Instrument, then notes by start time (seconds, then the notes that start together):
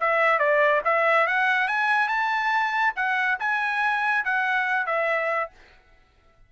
trumpet
0.00 E5
0.39 D5
0.84 E5
1.27 F#5
1.68 G#5
2.08 A5
2.96 F#5
3.39 G#5
4.24 F#5
4.86 E5